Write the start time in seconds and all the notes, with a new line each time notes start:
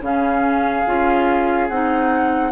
0.00 C#3 C#4 G#4 F5
0.86 C#4 F4
1.68 C4 D#4 F#5